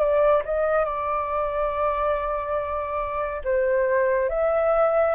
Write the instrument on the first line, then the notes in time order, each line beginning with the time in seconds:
flute
0.00 D5
0.45 D#5
0.85 D5
3.44 C5
4.29 E5